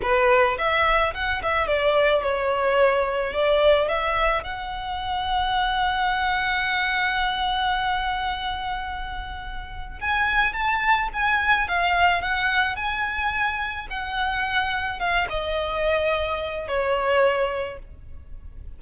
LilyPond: \new Staff \with { instrumentName = "violin" } { \time 4/4 \tempo 4 = 108 b'4 e''4 fis''8 e''8 d''4 | cis''2 d''4 e''4 | fis''1~ | fis''1~ |
fis''2 gis''4 a''4 | gis''4 f''4 fis''4 gis''4~ | gis''4 fis''2 f''8 dis''8~ | dis''2 cis''2 | }